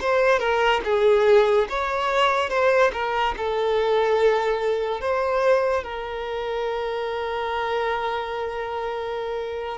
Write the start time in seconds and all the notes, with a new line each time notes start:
0.00 C5
0.39 A#4
0.84 G#4
1.69 C#5
2.49 C5
2.92 A#4
3.37 A4
5.00 C5
5.83 A#4